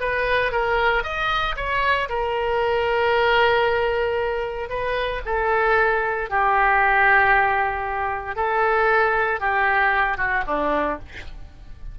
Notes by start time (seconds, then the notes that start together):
0.00 B4
0.52 A#4
1.03 D#5
1.56 C#5
2.09 A#4
4.69 B4
5.25 A4
6.30 G4
8.36 A4
9.40 G4
10.17 F#4
10.47 D4